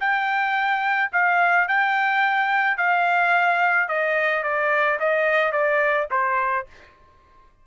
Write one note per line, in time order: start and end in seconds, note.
0.00 1.11 G5
1.13 1.68 F5
1.68 2.78 G5
2.78 3.89 F5
3.89 4.44 D#5
4.44 4.99 D5
5.00 5.52 D#5
5.52 6.08 D5
6.11 6.67 C5